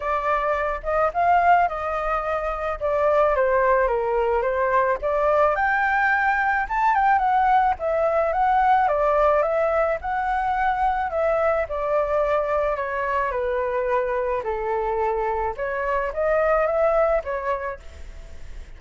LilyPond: \new Staff \with { instrumentName = "flute" } { \time 4/4 \tempo 4 = 108 d''4. dis''8 f''4 dis''4~ | dis''4 d''4 c''4 ais'4 | c''4 d''4 g''2 | a''8 g''8 fis''4 e''4 fis''4 |
d''4 e''4 fis''2 | e''4 d''2 cis''4 | b'2 a'2 | cis''4 dis''4 e''4 cis''4 | }